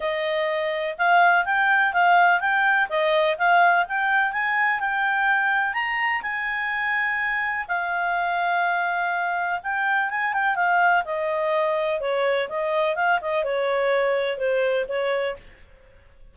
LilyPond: \new Staff \with { instrumentName = "clarinet" } { \time 4/4 \tempo 4 = 125 dis''2 f''4 g''4 | f''4 g''4 dis''4 f''4 | g''4 gis''4 g''2 | ais''4 gis''2. |
f''1 | g''4 gis''8 g''8 f''4 dis''4~ | dis''4 cis''4 dis''4 f''8 dis''8 | cis''2 c''4 cis''4 | }